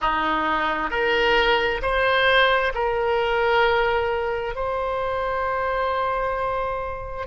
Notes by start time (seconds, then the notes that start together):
0.01 D#4
0.90 A#4
1.82 C5
2.74 A#4
4.55 C5